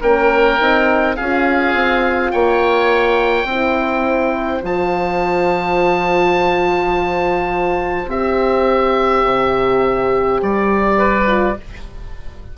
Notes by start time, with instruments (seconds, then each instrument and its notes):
0.00 bassoon A#3, horn C#4, oboe A#4 G5
0.58 bassoon C4, horn D#4
1.16 bassoon C#4, horn F4, oboe G#4 F5
1.74 bassoon C4
2.31 bassoon A#3, oboe C#5 G5
3.44 bassoon C4, horn E4, oboe C5
4.61 bassoon F3, horn F4, oboe A5
8.07 bassoon C4, horn G4, oboe E5
9.24 bassoon C3
10.41 bassoon G3, oboe D5
10.97 oboe B4
11.26 horn F4